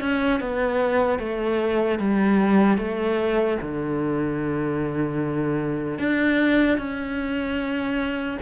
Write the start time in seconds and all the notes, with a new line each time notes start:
0.00 C#4
0.40 B3
1.19 A3
1.99 G3
2.78 A3
3.62 D3
5.99 D4
6.78 C#4